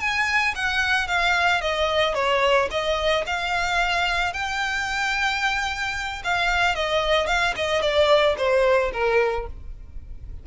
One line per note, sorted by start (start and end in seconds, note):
0.00 0.54 G#5
0.55 1.08 F#5
1.08 1.61 F5
1.61 2.14 D#5
2.14 2.69 C#5
2.71 3.25 D#5
3.26 4.33 F5
4.33 6.22 G5
6.24 6.75 F5
6.75 7.27 D#5
7.27 7.54 F5
7.56 7.81 D#5
7.81 8.35 D5
8.38 8.92 C5
8.92 9.46 A#4